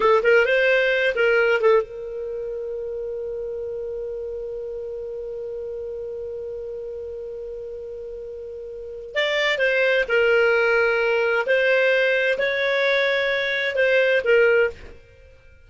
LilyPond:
\new Staff \with { instrumentName = "clarinet" } { \time 4/4 \tempo 4 = 131 a'8 ais'8 c''4. ais'4 a'8 | ais'1~ | ais'1~ | ais'1~ |
ais'1 | d''4 c''4 ais'2~ | ais'4 c''2 cis''4~ | cis''2 c''4 ais'4 | }